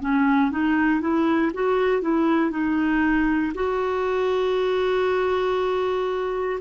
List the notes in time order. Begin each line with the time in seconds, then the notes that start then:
0.00 C#4
0.51 D#4
1.01 E4
1.53 F#4
2.02 E4
2.51 D#4
3.55 F#4